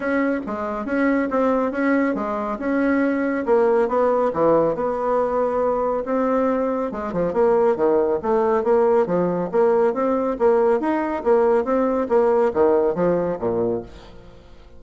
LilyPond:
\new Staff \with { instrumentName = "bassoon" } { \time 4/4 \tempo 4 = 139 cis'4 gis4 cis'4 c'4 | cis'4 gis4 cis'2 | ais4 b4 e4 b4~ | b2 c'2 |
gis8 f8 ais4 dis4 a4 | ais4 f4 ais4 c'4 | ais4 dis'4 ais4 c'4 | ais4 dis4 f4 ais,4 | }